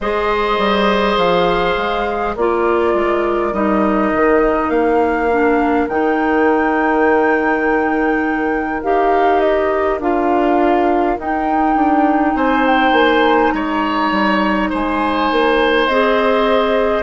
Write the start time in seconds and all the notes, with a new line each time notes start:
0.00 G#3 G#4 C5 D#5
0.58 G3
1.17 F3 F5
1.76 G#3
2.35 A#3 F4 A#4 D5
2.94 G#3
3.52 G3 D#4 D#5
4.14 D#3
4.69 A#3 F5
5.31 D4
5.88 D#3 D#4 G5
8.83 D#4 G4 F5
9.40 D#5
9.99 D4 F4 F5
11.18 D#4 G5
11.75 D4
12.34 C4 C5 G#5
12.66 G5
12.91 A#3 G#5
13.51 G#3 C#5 A#5
14.11 G3
14.69 G#3 C5 G#5
15.31 A#3
15.87 C4 G#4 D#5